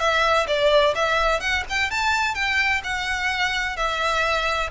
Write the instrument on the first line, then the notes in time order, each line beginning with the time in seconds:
violin
0.00 E5
0.48 D5
0.95 E5
1.41 F#5
1.70 G5
1.91 A5
2.35 G5
2.84 F#5
3.77 E5